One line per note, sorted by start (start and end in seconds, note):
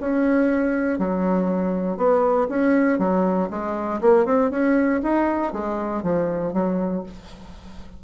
0.00 0.99 C#4
0.99 1.97 F#3
1.97 2.47 B3
2.49 2.98 C#4
2.98 3.49 F#3
3.50 4.00 G#3
4.01 4.25 A#3
4.25 4.50 C4
4.50 5.01 C#4
5.02 5.53 D#4
5.53 6.02 G#3
6.02 6.53 F3
6.53 7.03 F#3